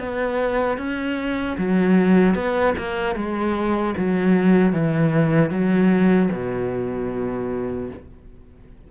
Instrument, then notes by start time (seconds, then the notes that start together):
cello
0.00 B3
0.78 C#4
1.58 F#3
2.35 B3
2.78 A#3
3.16 G#3
3.98 F#3
4.73 E3
5.51 F#3
6.32 B2